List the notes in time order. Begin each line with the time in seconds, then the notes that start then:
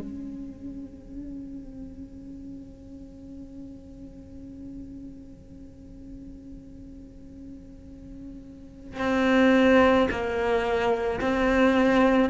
0.00 C#4
9.00 C4
10.11 A#3
11.21 C4